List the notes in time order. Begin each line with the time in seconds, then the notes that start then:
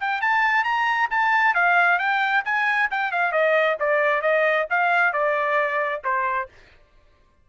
0.00 G5
0.21 A5
0.64 A#5
1.11 A5
1.54 F5
1.99 G5
2.45 G#5
2.91 G5
3.12 F5
3.32 D#5
3.80 D5
4.22 D#5
4.70 F5
5.13 D5
6.04 C5